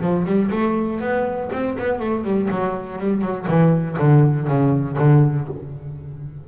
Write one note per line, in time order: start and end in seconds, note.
0.00 0.25 F3
0.25 0.50 G3
0.50 1.00 A3
1.00 1.49 B3
1.52 1.77 C4
1.78 1.99 B3
1.99 2.23 A3
2.23 2.48 G3
2.51 2.98 F#3
2.98 3.21 G3
3.21 3.46 F#3
3.47 3.97 E3
3.98 4.47 D3
4.47 4.97 C#3
4.98 5.47 D3